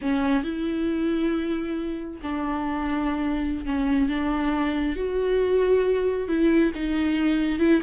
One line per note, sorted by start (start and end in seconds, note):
0.01 0.43 C#4
0.43 2.20 E4
2.22 3.65 D4
3.65 4.08 C#4
4.08 4.96 D4
4.96 6.28 F#4
6.28 6.72 E4
6.74 7.59 D#4
7.59 7.81 E4